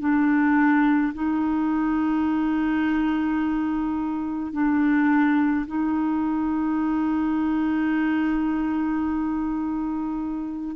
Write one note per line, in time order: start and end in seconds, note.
0.00 1.13 D4
1.14 4.52 D#4
4.52 5.66 D4
5.67 10.76 D#4